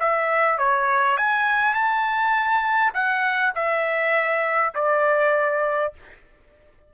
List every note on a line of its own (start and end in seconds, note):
0.00 0.58 E5
0.58 1.17 C#5
1.17 1.74 G#5
1.74 2.93 A5
2.94 3.53 F#5
3.55 4.74 E5
4.75 5.94 D5